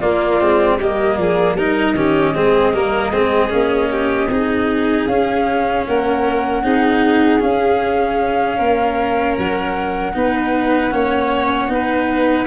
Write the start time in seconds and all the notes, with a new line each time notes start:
0.00 A#3 F4 D5
0.40 G#3 C4
0.77 G3 A#3 G4 D#5
1.17 F3 G#4 D5
1.54 G3 D#4 A#4 D#5
1.94 D#3 C#4 G4
2.34 G#3 C4 G#4
2.73 G3 A#3 A#4
3.11 G#3 C4 G#4
3.49 A#3 C#4
3.91 G4
4.28 C4 D#4 G#4
5.06 C#4 F5
5.86 A#3 A#4 F#5
6.63 C4 D#4 G#4
7.40 C#4 F5
8.57 A#3 A#4
9.38 F#3 F#5
10.13 B3 D#4 B4
10.90 A#3 C#4 C#5
11.68 B3 D#4 B4